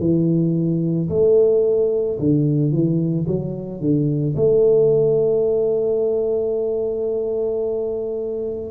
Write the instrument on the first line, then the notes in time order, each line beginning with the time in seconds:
tuba
0.00 E3
1.10 A3
2.19 D3
2.72 E3
3.27 F#3
3.81 D3
4.36 A3